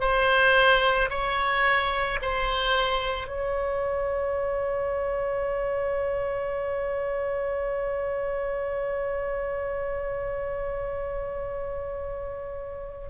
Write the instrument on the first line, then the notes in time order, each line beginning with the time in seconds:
oboe
0.00 C5
1.10 C#5
2.22 C5
3.27 C#5